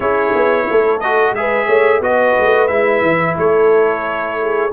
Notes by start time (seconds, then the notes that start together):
0.00 C#4 E4 G#4 C#5
0.35 B3
0.69 A3 A4
1.00 F#4 D#5
1.31 G#3 G#4 E5
1.39 B4
1.66 A3 C#5
2.00 B3 F#4 D#5
2.06 B4
2.38 A3
2.67 G#3 E4 E5
3.01 E3
3.37 A3 A4 C#5
4.40 G#4